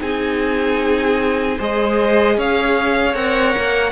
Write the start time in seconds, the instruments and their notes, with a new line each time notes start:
0.00 cello C4, viola D#4, violin G#4 G#5
1.57 cello G#3, viola G#4, violin C5 D#5
2.36 cello C#4, violin C#5 F5
3.14 cello C4, viola A#4, violin F#5
3.57 cello A#3